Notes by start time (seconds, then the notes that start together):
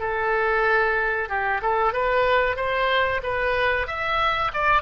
0.00 A4
1.29 G4
1.62 A4
1.93 B4
2.57 C5
3.23 B4
3.87 E5
4.54 D5